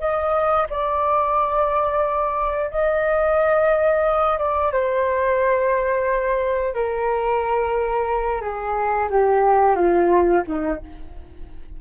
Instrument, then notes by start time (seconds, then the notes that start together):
flute
0.00 D#5
0.70 D5
2.71 D#5
4.39 D5
4.73 C5
6.74 A#4
8.41 G#4
9.10 G4
9.76 F4
10.47 D#4